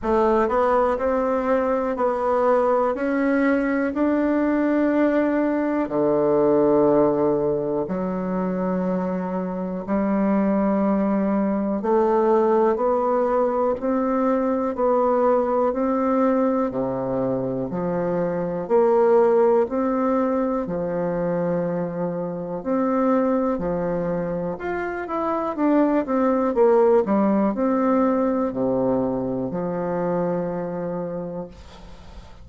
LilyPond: \new Staff \with { instrumentName = "bassoon" } { \time 4/4 \tempo 4 = 61 a8 b8 c'4 b4 cis'4 | d'2 d2 | fis2 g2 | a4 b4 c'4 b4 |
c'4 c4 f4 ais4 | c'4 f2 c'4 | f4 f'8 e'8 d'8 c'8 ais8 g8 | c'4 c4 f2 | }